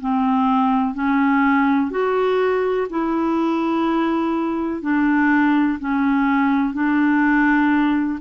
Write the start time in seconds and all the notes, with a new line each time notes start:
0.00 C4
0.94 C#4
1.90 F#4
2.90 E4
4.82 D4
5.79 C#4
6.73 D4